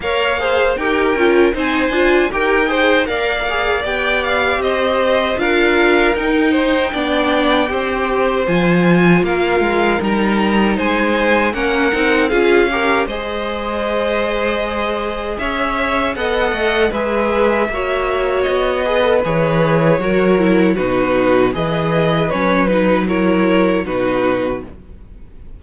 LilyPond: <<
  \new Staff \with { instrumentName = "violin" } { \time 4/4 \tempo 4 = 78 f''4 g''4 gis''4 g''4 | f''4 g''8 f''8 dis''4 f''4 | g''2. gis''4 | f''4 ais''4 gis''4 fis''4 |
f''4 dis''2. | e''4 fis''4 e''2 | dis''4 cis''2 b'4 | dis''4 cis''8 b'8 cis''4 b'4 | }
  \new Staff \with { instrumentName = "violin" } { \time 4/4 cis''8 c''8 ais'4 c''4 ais'8 c''8 | d''2 c''4 ais'4~ | ais'8 c''8 d''4 c''2 | ais'2 c''4 ais'4 |
gis'8 ais'8 c''2. | cis''4 dis''4 b'4 cis''4~ | cis''8 b'4. ais'4 fis'4 | b'2 ais'4 fis'4 | }
  \new Staff \with { instrumentName = "viola" } { \time 4/4 ais'8 gis'8 g'8 f'8 dis'8 f'8 g'8 gis'8 | ais'8 gis'8 g'2 f'4 | dis'4 d'4 g'4 f'4~ | f'4 dis'2 cis'8 dis'8 |
f'8 g'8 gis'2.~ | gis'4 a'4 gis'4 fis'4~ | fis'8 gis'16 a'16 gis'4 fis'8 e'8 dis'4 | gis'4 cis'8 dis'8 e'4 dis'4 | }
  \new Staff \with { instrumentName = "cello" } { \time 4/4 ais4 dis'8 cis'8 c'8 d'8 dis'4 | ais4 b4 c'4 d'4 | dis'4 b4 c'4 f4 | ais8 gis8 g4 gis4 ais8 c'8 |
cis'4 gis2. | cis'4 b8 a8 gis4 ais4 | b4 e4 fis4 b,4 | e4 fis2 b,4 | }
>>